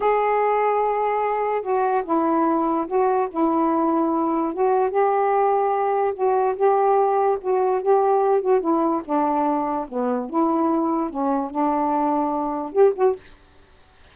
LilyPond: \new Staff \with { instrumentName = "saxophone" } { \time 4/4 \tempo 4 = 146 gis'1 | fis'4 e'2 fis'4 | e'2. fis'4 | g'2. fis'4 |
g'2 fis'4 g'4~ | g'8 fis'8 e'4 d'2 | b4 e'2 cis'4 | d'2. g'8 fis'8 | }